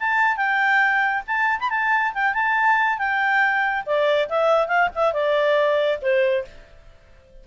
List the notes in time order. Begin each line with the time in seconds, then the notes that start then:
0.00 A5
0.37 G5
1.27 A5
1.60 B5
1.70 A5
2.14 G5
2.34 A5
2.98 G5
3.86 D5
4.29 E5
4.68 F5
4.95 E5
5.13 D5
6.02 C5